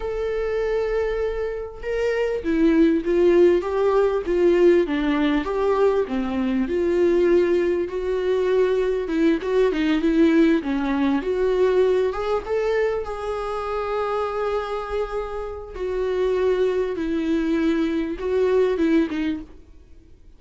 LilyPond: \new Staff \with { instrumentName = "viola" } { \time 4/4 \tempo 4 = 99 a'2. ais'4 | e'4 f'4 g'4 f'4 | d'4 g'4 c'4 f'4~ | f'4 fis'2 e'8 fis'8 |
dis'8 e'4 cis'4 fis'4. | gis'8 a'4 gis'2~ gis'8~ | gis'2 fis'2 | e'2 fis'4 e'8 dis'8 | }